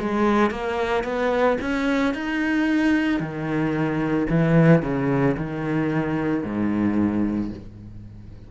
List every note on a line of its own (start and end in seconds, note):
0.00 0.51 G#3
0.51 1.04 A#3
1.04 1.58 B3
1.61 2.15 C#4
2.15 3.20 D#4
3.20 4.28 D#3
4.30 4.83 E3
4.83 5.36 C#3
5.38 6.44 D#3
6.44 7.51 G#2